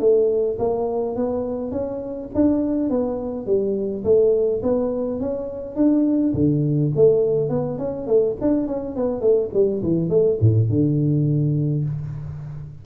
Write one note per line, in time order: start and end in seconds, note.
0.00 0.58 A3
0.59 1.16 A#3
1.16 1.72 B3
1.72 2.29 C#4
2.35 2.90 D4
2.90 3.47 B3
3.47 4.04 G3
4.05 4.62 A3
4.63 5.21 B3
5.21 5.76 C#4
5.76 6.34 D4
6.34 6.92 D3
6.96 7.50 A3
7.50 7.79 B3
7.79 8.07 C#4
8.07 8.36 A3
8.42 8.67 D4
8.67 8.96 C#4
8.96 9.22 B3
9.22 9.50 A3
9.54 9.83 G3
9.83 10.10 E3
10.10 10.39 A3
10.41 10.70 A2
10.70 11.85 D3